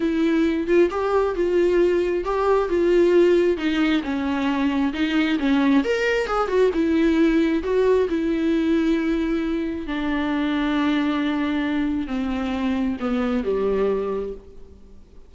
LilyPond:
\new Staff \with { instrumentName = "viola" } { \time 4/4 \tempo 4 = 134 e'4. f'8 g'4 f'4~ | f'4 g'4 f'2 | dis'4 cis'2 dis'4 | cis'4 ais'4 gis'8 fis'8 e'4~ |
e'4 fis'4 e'2~ | e'2 d'2~ | d'2. c'4~ | c'4 b4 g2 | }